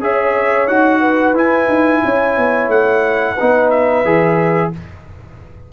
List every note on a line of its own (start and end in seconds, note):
0.00 0.67 C#4
0.00 0.68 G#4
0.00 1.01 C#5
0.00 0.68 E5
0.67 1.33 D#4
0.67 1.35 F#4
0.67 1.35 F#5
1.01 2.02 B4
1.33 1.67 E4
1.33 3.37 E4
1.33 2.70 G#5
1.69 2.02 D#4
2.04 2.37 C#4
2.04 3.35 C#5
2.37 2.69 B3
2.69 3.36 A3
2.69 3.71 F#5
3.35 4.05 D#4
3.35 4.70 B4
3.41 4.05 B3
3.71 4.72 E5
4.05 4.72 E3
4.05 4.73 G#4